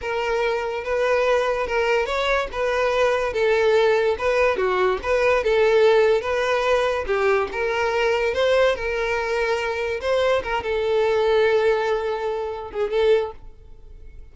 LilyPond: \new Staff \with { instrumentName = "violin" } { \time 4/4 \tempo 4 = 144 ais'2 b'2 | ais'4 cis''4 b'2 | a'2 b'4 fis'4 | b'4 a'2 b'4~ |
b'4 g'4 ais'2 | c''4 ais'2. | c''4 ais'8 a'2~ a'8~ | a'2~ a'8 gis'8 a'4 | }